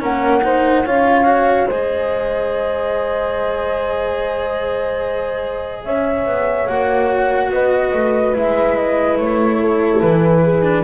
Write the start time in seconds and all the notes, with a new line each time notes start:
0.00 A#3 C#4 A#4 F#5
0.44 D#4 C5
0.86 C#4 F4 C#5 F5
1.25 F#4
1.67 G#3 G#4 C5 D#5
5.85 C#4 C#5 E5
6.26 B3
6.68 A#3 F#4 F#5
7.51 B3 B4 D#5
7.94 A3
8.34 G#3 E4 E5
8.76 D#5
9.18 A3 C#5
9.61 A4
10.01 E3 B4
10.44 G#4
10.63 D4